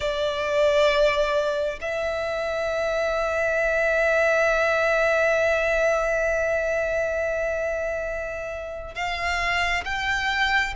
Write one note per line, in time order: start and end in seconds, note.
0.00 1.79 D5
1.80 8.94 E5
8.94 9.84 F5
9.84 10.74 G5